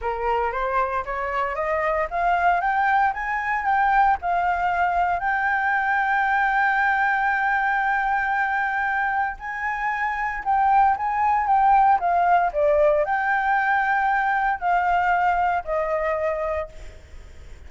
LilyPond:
\new Staff \with { instrumentName = "flute" } { \time 4/4 \tempo 4 = 115 ais'4 c''4 cis''4 dis''4 | f''4 g''4 gis''4 g''4 | f''2 g''2~ | g''1~ |
g''2 gis''2 | g''4 gis''4 g''4 f''4 | d''4 g''2. | f''2 dis''2 | }